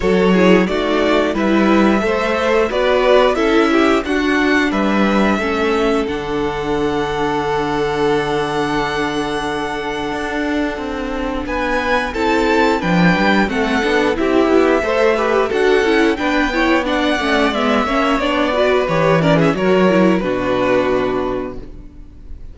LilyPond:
<<
  \new Staff \with { instrumentName = "violin" } { \time 4/4 \tempo 4 = 89 cis''4 d''4 e''2 | d''4 e''4 fis''4 e''4~ | e''4 fis''2.~ | fis''1~ |
fis''4 gis''4 a''4 g''4 | fis''4 e''2 fis''4 | g''4 fis''4 e''4 d''4 | cis''8 d''16 e''16 cis''4 b'2 | }
  \new Staff \with { instrumentName = "violin" } { \time 4/4 a'8 gis'8 fis'4 b'4 c''4 | b'4 a'8 g'8 fis'4 b'4 | a'1~ | a'1~ |
a'4 b'4 a'4 b'4 | a'4 g'4 c''8 b'8 a'4 | b'8 cis''8 d''4. cis''4 b'8~ | b'8 ais'16 gis'16 ais'4 fis'2 | }
  \new Staff \with { instrumentName = "viola" } { \time 4/4 fis'8 e'8 dis'4 e'4 a'4 | fis'4 e'4 d'2 | cis'4 d'2.~ | d'1~ |
d'2 e'4 d'4 | c'8 d'8 e'4 a'8 g'8 fis'8 e'8 | d'8 e'8 d'8 cis'8 b8 cis'8 d'8 fis'8 | g'8 cis'8 fis'8 e'8 d'2 | }
  \new Staff \with { instrumentName = "cello" } { \time 4/4 fis4 a4 g4 a4 | b4 cis'4 d'4 g4 | a4 d2.~ | d2. d'4 |
c'4 b4 c'4 f8 g8 | a8 b8 c'8 b8 a4 d'8 cis'8 | b4. a8 gis8 ais8 b4 | e4 fis4 b,2 | }
>>